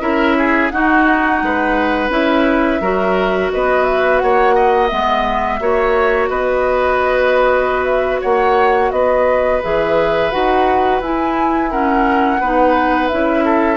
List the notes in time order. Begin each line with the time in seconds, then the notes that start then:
0.00 C#4 E4 A#4 E5
0.37 G#4
0.70 D#4 F#4 F#5
1.42 G#3 B4
2.09 C#4 E4 E5
2.80 F#3 F#4 A#4
3.52 B3 B4 D#5
3.83 E5
4.18 A#3 C#5 F#5
4.55 D#5
4.87 G#3 B3 E5
5.60 A#3 F#4 C#5
6.29 B3 B4 D#5
7.84 E5
8.20 A#3 C#5 F#5
8.91 B3 B4 D#5
9.62 E3 G#4 E5
10.31 D#4 F#4 F#5
11.01 E4 G#5
11.70 C#4 A#4 F#5
12.40 B3 D#4 B4
13.08 C#4 E4 E5
13.44 A4